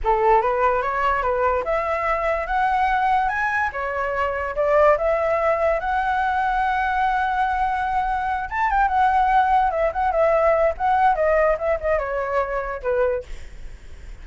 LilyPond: \new Staff \with { instrumentName = "flute" } { \time 4/4 \tempo 4 = 145 a'4 b'4 cis''4 b'4 | e''2 fis''2 | gis''4 cis''2 d''4 | e''2 fis''2~ |
fis''1~ | fis''8 a''8 g''8 fis''2 e''8 | fis''8 e''4. fis''4 dis''4 | e''8 dis''8 cis''2 b'4 | }